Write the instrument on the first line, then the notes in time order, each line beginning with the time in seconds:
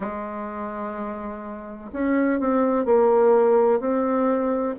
bassoon
0.00 G#3
1.92 C#4
2.39 C4
2.85 A#3
3.80 C4